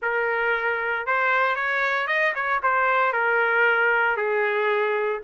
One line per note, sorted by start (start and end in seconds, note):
0.02 1.06 A#4
1.06 1.55 C5
1.55 2.07 C#5
2.07 2.33 D#5
2.34 2.60 C#5
2.62 3.12 C5
3.12 4.16 A#4
4.16 5.21 G#4